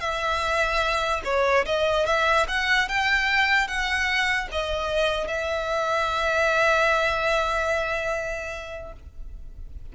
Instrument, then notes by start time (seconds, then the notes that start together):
violin
0.00 E5
1.25 C#5
1.65 D#5
2.06 E5
2.48 F#5
2.88 G5
3.67 F#5
4.51 D#5
5.28 E5